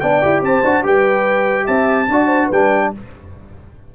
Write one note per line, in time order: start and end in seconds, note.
0.00 0.23 B3
0.00 0.22 D4
0.00 0.43 D5
0.00 0.41 G5
0.22 0.42 E4
0.22 0.64 G4
0.42 0.63 C4
0.42 0.84 C5
0.42 0.86 A5
0.64 0.85 D4
0.64 0.84 F#4
0.84 1.67 G3
0.84 2.08 G4
0.84 1.65 B4
0.84 1.67 G5
1.65 2.08 C4
1.65 2.06 E5
1.65 2.50 A5
2.08 2.50 D4
2.08 2.54 F#4
2.08 2.27 D5
2.27 2.46 C5
2.46 2.93 G3
2.46 2.87 B4
2.52 2.95 D4
2.52 2.94 G5